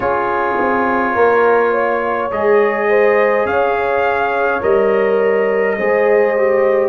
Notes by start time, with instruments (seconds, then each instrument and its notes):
0.00 tuba C#4, trombone F4, horn G#4, trumpet C#5
0.58 tuba C4
1.14 tuba A#3, horn A#4
1.71 horn C#5
2.30 tuba G#3, trombone G#4, trumpet D#5
2.89 horn C5
3.45 tuba C#4, horn C#5, trumpet F5
4.61 tuba G3, trombone A#4, trumpet D#5
5.77 tuba G#3, trombone G#4, horn C5
6.36 trombone G4